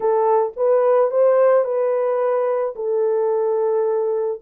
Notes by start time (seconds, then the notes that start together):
0.00 A4
0.56 B4
1.10 C5
1.64 B4
2.75 A4